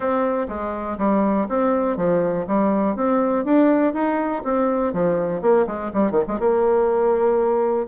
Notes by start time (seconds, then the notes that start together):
0.00 C4
0.48 G#3
0.97 G3
1.48 C4
1.96 F3
2.47 G3
2.96 C4
3.44 D4
3.93 D#4
4.44 C4
4.93 F3
5.41 A#3
5.66 G#3
5.93 G3
6.11 D#3
6.27 G#3
6.39 A#3